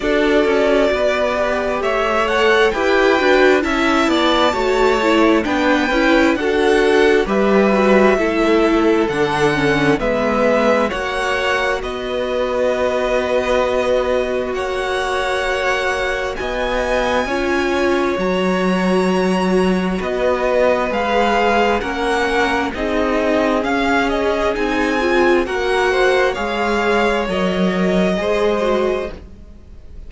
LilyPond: <<
  \new Staff \with { instrumentName = "violin" } { \time 4/4 \tempo 4 = 66 d''2 e''8 fis''8 g''4 | a''2 g''4 fis''4 | e''2 fis''4 e''4 | fis''4 dis''2. |
fis''2 gis''2 | ais''2 dis''4 f''4 | fis''4 dis''4 f''8 dis''8 gis''4 | fis''4 f''4 dis''2 | }
  \new Staff \with { instrumentName = "violin" } { \time 4/4 a'4 b'4 cis''4 b'4 | e''8 d''8 cis''4 b'4 a'4 | b'4 a'2 b'4 | cis''4 b'2. |
cis''2 dis''4 cis''4~ | cis''2 b'2 | ais'4 gis'2. | ais'8 c''8 cis''2 c''4 | }
  \new Staff \with { instrumentName = "viola" } { \time 4/4 fis'4. g'4 a'8 g'8 fis'8 | e'4 fis'8 e'8 d'8 e'8 fis'4 | g'8 fis'8 e'4 d'8 cis'8 b4 | fis'1~ |
fis'2. f'4 | fis'2. gis'4 | cis'4 dis'4 cis'4 dis'8 f'8 | fis'4 gis'4 ais'4 gis'8 fis'8 | }
  \new Staff \with { instrumentName = "cello" } { \time 4/4 d'8 cis'8 b4 a4 e'8 d'8 | cis'8 b8 a4 b8 cis'8 d'4 | g4 a4 d4 gis4 | ais4 b2. |
ais2 b4 cis'4 | fis2 b4 gis4 | ais4 c'4 cis'4 c'4 | ais4 gis4 fis4 gis4 | }
>>